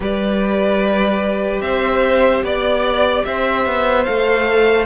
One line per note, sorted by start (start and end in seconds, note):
0.00 1.59 G3
0.00 4.01 G4
0.00 1.62 B4
0.00 1.61 D5
1.61 2.42 C4
1.61 2.44 C5
1.61 2.42 E5
2.42 3.23 B3
2.42 3.25 D5
2.42 3.24 D5
3.24 3.65 C4
3.24 4.85 C5
3.24 4.04 E5
3.65 4.06 B3
4.04 4.85 A3
4.04 4.85 A4
4.04 4.85 F5